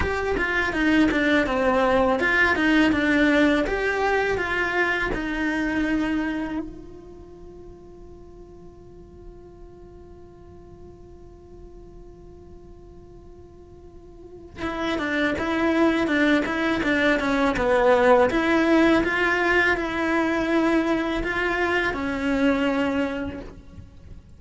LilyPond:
\new Staff \with { instrumentName = "cello" } { \time 4/4 \tempo 4 = 82 g'8 f'8 dis'8 d'8 c'4 f'8 dis'8 | d'4 g'4 f'4 dis'4~ | dis'4 f'2.~ | f'1~ |
f'1 | e'8 d'8 e'4 d'8 e'8 d'8 cis'8 | b4 e'4 f'4 e'4~ | e'4 f'4 cis'2 | }